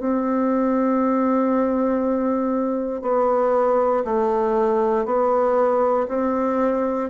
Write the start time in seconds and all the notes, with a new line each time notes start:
0.00 C4
3.02 B3
4.05 A3
5.06 B3
6.08 C4